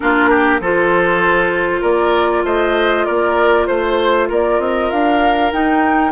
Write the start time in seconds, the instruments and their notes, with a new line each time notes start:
0.00 bassoon A#3, clarinet D4, oboe F4, flute A#4
0.29 oboe G4
0.60 bassoon F3, clarinet F4, oboe A4, flute C5
1.81 bassoon A#3, oboe A#4, flute D5
2.44 bassoon A3, oboe C5, flute D#5
3.05 bassoon A#3, oboe A#4, flute D5
3.66 bassoon A3, flute C5, oboe C5
4.28 bassoon A#3, oboe A#4, flute D5
4.59 bassoon C4, flute D#5
4.90 bassoon D4, flute F5
5.52 bassoon D#4, clarinet D#4, flute G5